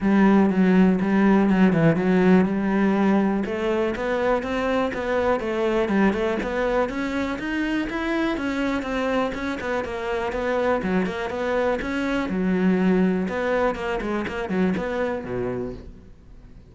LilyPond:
\new Staff \with { instrumentName = "cello" } { \time 4/4 \tempo 4 = 122 g4 fis4 g4 fis8 e8 | fis4 g2 a4 | b4 c'4 b4 a4 | g8 a8 b4 cis'4 dis'4 |
e'4 cis'4 c'4 cis'8 b8 | ais4 b4 fis8 ais8 b4 | cis'4 fis2 b4 | ais8 gis8 ais8 fis8 b4 b,4 | }